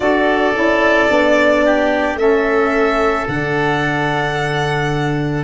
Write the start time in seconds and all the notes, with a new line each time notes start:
0.00 D4 F#4 A4 D5
0.54 C#4 E4
1.08 B3 D4
1.65 G4
2.15 A3 C#4 A4 E5
3.27 D3 D4 F#5